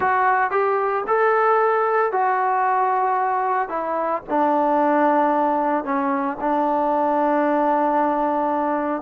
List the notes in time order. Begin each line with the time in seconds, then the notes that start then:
0.00 F#4
0.50 G4
1.07 A4
2.12 F#4
3.68 E4
4.29 D4
5.84 C#4
6.40 D4